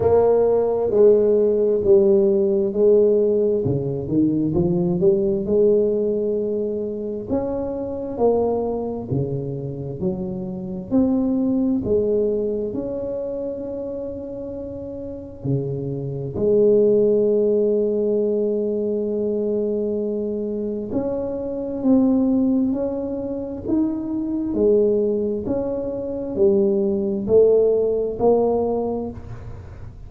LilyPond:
\new Staff \with { instrumentName = "tuba" } { \time 4/4 \tempo 4 = 66 ais4 gis4 g4 gis4 | cis8 dis8 f8 g8 gis2 | cis'4 ais4 cis4 fis4 | c'4 gis4 cis'2~ |
cis'4 cis4 gis2~ | gis2. cis'4 | c'4 cis'4 dis'4 gis4 | cis'4 g4 a4 ais4 | }